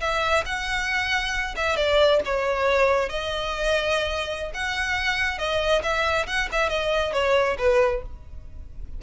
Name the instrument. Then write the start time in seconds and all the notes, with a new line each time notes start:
violin
0.00 E5
0.46 F#5
1.56 E5
1.76 D5
2.25 C#5
3.09 D#5
4.54 F#5
5.38 D#5
5.83 E5
6.26 F#5
6.52 E5
6.69 D#5
7.13 C#5
7.58 B4